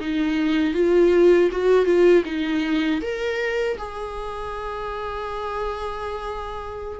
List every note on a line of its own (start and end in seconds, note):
0.00 0.74 D#4
0.74 1.49 F4
1.51 1.85 F#4
1.85 2.23 F4
2.25 3.01 D#4
3.01 3.77 A#4
3.78 6.99 G#4